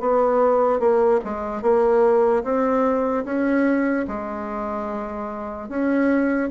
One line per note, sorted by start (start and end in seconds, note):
0.00 0.80 B3
0.80 1.20 A#3
1.25 1.62 G#3
1.62 2.43 A#3
2.44 3.25 C4
3.25 4.06 C#4
4.08 5.69 G#3
5.69 6.50 C#4